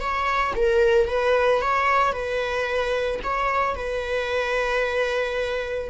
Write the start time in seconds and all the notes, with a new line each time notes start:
0.00 C#5
0.56 A#4
1.08 B4
1.61 C#5
2.12 B4
3.23 C#5
3.75 B4